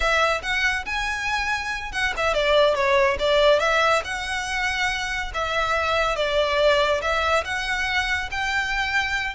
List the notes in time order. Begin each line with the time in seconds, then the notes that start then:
0.00 E5
0.42 F#5
0.85 G#5
1.92 F#5
2.16 E5
2.33 D5
2.74 C#5
3.19 D5
3.59 E5
4.04 F#5
5.33 E5
6.16 D5
7.01 E5
7.44 F#5
8.31 G5